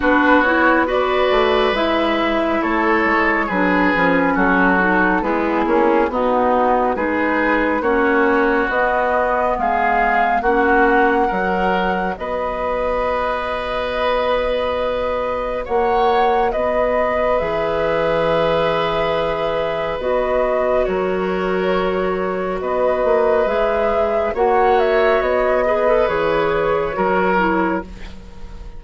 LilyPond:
<<
  \new Staff \with { instrumentName = "flute" } { \time 4/4 \tempo 4 = 69 b'8 cis''8 d''4 e''4 cis''4 | b'4 a'4 gis'4 fis'4 | b'4 cis''4 dis''4 f''4 | fis''2 dis''2~ |
dis''2 fis''4 dis''4 | e''2. dis''4 | cis''2 dis''4 e''4 | fis''8 e''8 dis''4 cis''2 | }
  \new Staff \with { instrumentName = "oboe" } { \time 4/4 fis'4 b'2 a'4 | gis'4 fis'4 b8 cis'8 dis'4 | gis'4 fis'2 gis'4 | fis'4 ais'4 b'2~ |
b'2 cis''4 b'4~ | b'1 | ais'2 b'2 | cis''4. b'4. ais'4 | }
  \new Staff \with { instrumentName = "clarinet" } { \time 4/4 d'8 e'8 fis'4 e'2 | d'8 cis'4 dis'8 e'4 b4 | dis'4 cis'4 b2 | cis'4 fis'2.~ |
fis'1 | gis'2. fis'4~ | fis'2. gis'4 | fis'4. gis'16 a'16 gis'4 fis'8 e'8 | }
  \new Staff \with { instrumentName = "bassoon" } { \time 4/4 b4. a8 gis4 a8 gis8 | fis8 f8 fis4 gis8 ais8 b4 | gis4 ais4 b4 gis4 | ais4 fis4 b2~ |
b2 ais4 b4 | e2. b4 | fis2 b8 ais8 gis4 | ais4 b4 e4 fis4 | }
>>